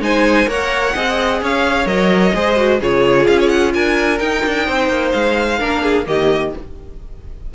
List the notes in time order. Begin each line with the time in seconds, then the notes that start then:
0.00 G#3 D#4 C5 G#5
0.46 A#3 A#4 C#5 F#5
0.94 C4 G#4 D#5
1.41 C#4 C#5 F5
1.86 F#3 A#4 D#5
2.34 G#3 G#4 C5
2.56 F#4
2.80 C#3 F4 G#4 C#5
3.27 C#4 F5
3.40 C#5
3.49 F#5
3.74 D4 A#4 G#5
4.18 D#4 G5
4.45 D4
4.66 C4 C5
4.89 A#3
5.12 G#3 F5
5.59 A#3 D4 A#4
5.82 G#4
6.05 D#3 A#3 G4 D#5